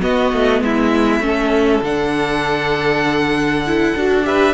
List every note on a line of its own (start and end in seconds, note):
0.00 1.21 B3
0.00 0.32 B3
0.00 0.62 F#4
0.00 0.62 D#5
0.32 0.61 A3
0.61 1.19 G#3
0.61 1.24 E4
0.61 1.84 E5
1.19 1.80 A3
1.19 1.82 C#4
1.26 4.26 A4
1.81 3.93 D3
1.81 3.64 D4
1.81 4.25 F#5
3.66 3.96 E4
3.95 4.54 D4
3.95 4.23 F#4
4.23 4.54 G4
4.23 4.54 B4
4.23 4.54 E5